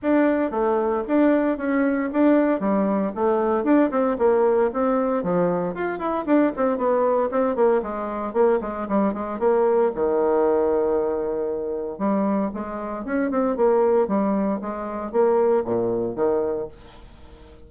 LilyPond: \new Staff \with { instrumentName = "bassoon" } { \time 4/4 \tempo 4 = 115 d'4 a4 d'4 cis'4 | d'4 g4 a4 d'8 c'8 | ais4 c'4 f4 f'8 e'8 | d'8 c'8 b4 c'8 ais8 gis4 |
ais8 gis8 g8 gis8 ais4 dis4~ | dis2. g4 | gis4 cis'8 c'8 ais4 g4 | gis4 ais4 ais,4 dis4 | }